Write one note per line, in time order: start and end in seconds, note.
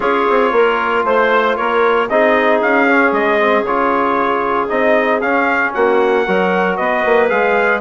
0.00 0.25 C#4
0.00 2.08 F4
0.00 0.51 G#4
0.00 1.05 C#5
0.29 0.52 C4
0.52 1.04 A#3
0.52 1.05 A#4
1.04 1.56 A3
1.04 1.56 C5
1.04 1.57 C5
1.56 2.09 A#3
1.56 2.09 A#4
1.56 2.08 C#5
2.09 2.62 C4
2.09 2.87 D#4
2.09 5.74 G#4
2.09 2.61 D#5
2.61 3.12 C#4
2.61 3.13 F5
2.87 3.39 C#4
3.12 3.62 G#3
3.12 3.65 D#5
3.39 3.65 C4
3.62 4.67 C#3
3.62 4.68 F4
3.62 4.68 C#5
4.68 5.21 C4
4.68 5.21 D#4
4.68 5.20 D#5
5.21 5.74 C#4
5.21 6.27 C#4
5.21 5.73 F5
5.73 6.27 A#3
5.73 6.25 F#4
5.73 6.76 F#5
6.25 6.78 F#3
6.25 7.28 F#4
6.25 6.77 A#4
6.76 7.04 B3
6.76 7.81 B4
6.76 7.28 D#5
7.05 7.31 A#3
7.28 7.81 G#3
7.28 7.81 G#4
7.28 7.81 F5